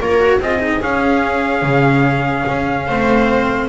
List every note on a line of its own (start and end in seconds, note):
0.00 0.39 A#3
0.00 0.20 F4
0.00 0.41 A#4
0.00 0.42 C#5
0.20 0.41 F#4
0.39 0.81 C4
0.39 0.59 F4
0.39 2.87 G#4
0.39 0.82 D#5
0.59 0.80 D#4
0.81 1.62 C#4
0.81 2.90 C#4
0.81 3.69 F5
1.62 2.45 C#3
2.48 2.89 C#4
2.87 3.69 A3
2.87 3.69 C4
2.87 3.69 C5